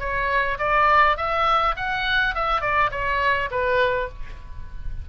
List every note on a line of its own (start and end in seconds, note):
0.00 0.58 C#5
0.59 1.17 D5
1.17 1.76 E5
1.77 2.35 F#5
2.35 2.62 E5
2.62 2.91 D5
2.92 3.50 C#5
3.51 4.09 B4